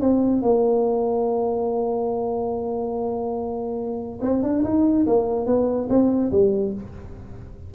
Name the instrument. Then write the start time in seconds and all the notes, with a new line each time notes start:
tuba
0.00 C4
0.41 A#3
4.21 C4
4.42 D4
4.64 D#4
5.06 A#3
5.46 B3
5.89 C4
6.31 G3